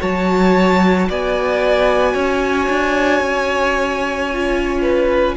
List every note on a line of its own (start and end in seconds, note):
0.00 1.09 F#3
0.00 4.29 F#4
0.00 1.07 C#5
0.00 1.09 A5
1.09 2.14 B3
1.09 2.13 D5
1.09 5.37 G#5
2.13 2.67 C#4
2.13 4.81 C#5
2.69 3.20 D4
3.20 5.34 C#4
4.32 5.37 F4
4.81 5.35 B4